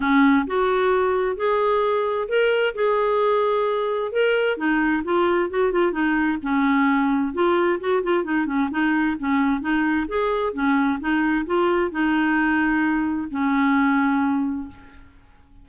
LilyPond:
\new Staff \with { instrumentName = "clarinet" } { \time 4/4 \tempo 4 = 131 cis'4 fis'2 gis'4~ | gis'4 ais'4 gis'2~ | gis'4 ais'4 dis'4 f'4 | fis'8 f'8 dis'4 cis'2 |
f'4 fis'8 f'8 dis'8 cis'8 dis'4 | cis'4 dis'4 gis'4 cis'4 | dis'4 f'4 dis'2~ | dis'4 cis'2. | }